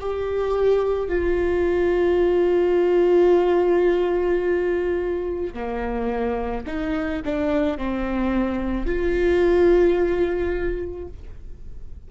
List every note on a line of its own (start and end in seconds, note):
0.00 1.09 G4
1.09 5.53 F4
5.54 6.65 A#3
6.67 7.22 D#4
7.25 7.78 D4
7.78 8.86 C4
8.86 11.08 F4